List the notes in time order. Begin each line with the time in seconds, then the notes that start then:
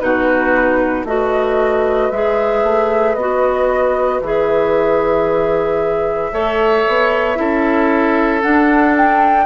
0.00 B2 D#4 F#4 B4
1.05 A3 F#4 B4 D#5
2.11 G#3 G#4 E5
2.64 A3
3.15 B3 F#4 D#5
4.22 E3 G#4 E5
6.32 A3 A4 C#5
6.88 B3
7.36 C#4 E4 A4
8.42 D4 F#5
8.97 G5